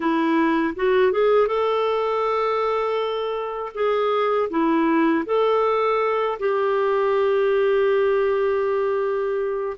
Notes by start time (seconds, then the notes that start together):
0.00 E4
0.75 F#4
1.11 G#4
1.47 A4
3.74 G#4
4.50 E4
5.25 A4
6.39 G4